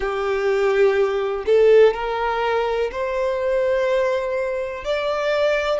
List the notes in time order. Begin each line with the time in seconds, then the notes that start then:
0.00 G4
1.46 A4
1.94 A#4
2.91 C5
4.84 D5